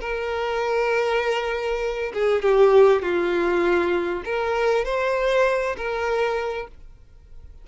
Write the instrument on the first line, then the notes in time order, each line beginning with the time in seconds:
violin
0.00 A#4
2.13 G#4
2.42 G4
3.02 F4
4.25 A#4
4.85 C5
5.77 A#4